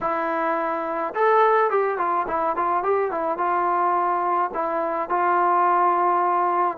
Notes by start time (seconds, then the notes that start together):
0.00 E4
1.14 A4
1.70 G4
1.98 F4
2.27 E4
2.55 F4
2.83 G4
3.11 E4
3.37 F4
4.54 E4
5.09 F4